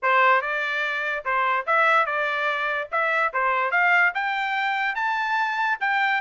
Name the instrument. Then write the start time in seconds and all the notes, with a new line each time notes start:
trumpet
0.02 C5
0.41 D5
1.24 C5
1.66 E5
2.05 D5
2.91 E5
3.33 C5
3.71 F5
4.14 G5
4.95 A5
5.80 G5